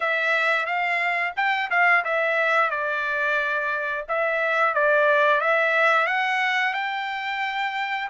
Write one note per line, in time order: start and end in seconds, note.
0.00 0.66 E5
0.66 1.33 F5
1.36 1.69 G5
1.70 2.03 F5
2.04 2.70 E5
2.70 4.05 D5
4.08 4.74 E5
4.74 5.41 D5
5.41 6.06 E5
6.06 6.73 F#5
6.73 8.08 G5